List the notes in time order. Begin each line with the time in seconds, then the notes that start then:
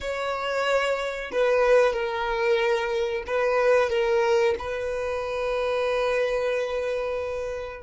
0.00 C#5
1.32 B4
1.93 A#4
3.26 B4
3.89 A#4
4.58 B4